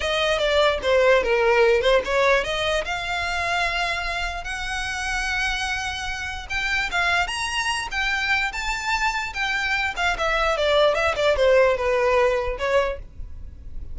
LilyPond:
\new Staff \with { instrumentName = "violin" } { \time 4/4 \tempo 4 = 148 dis''4 d''4 c''4 ais'4~ | ais'8 c''8 cis''4 dis''4 f''4~ | f''2. fis''4~ | fis''1 |
g''4 f''4 ais''4. g''8~ | g''4 a''2 g''4~ | g''8 f''8 e''4 d''4 e''8 d''8 | c''4 b'2 cis''4 | }